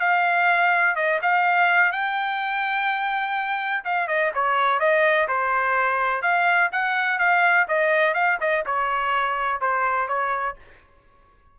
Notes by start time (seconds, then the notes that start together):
0.00 F5
0.96 D#5
1.22 F5
1.92 G5
3.84 F5
4.08 D#5
4.35 C#5
4.80 D#5
5.28 C5
6.22 F5
6.72 F#5
7.19 F5
7.68 D#5
8.14 F5
8.40 D#5
8.66 C#5
9.61 C5
10.08 C#5